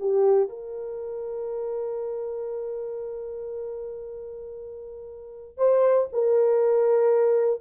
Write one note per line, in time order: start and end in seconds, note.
0.00 0.49 G4
0.49 5.57 A#4
5.57 6.08 C5
6.13 7.61 A#4